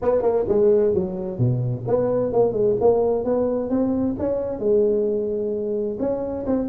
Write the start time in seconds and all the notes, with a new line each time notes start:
0.02 B3
0.22 A#3
0.48 G#3
0.94 F#3
1.38 B2
1.87 B3
2.32 A#3
2.52 G#3
2.80 A#3
3.24 B3
3.69 C4
4.18 C#4
4.59 G#3
5.99 C#4
6.46 C4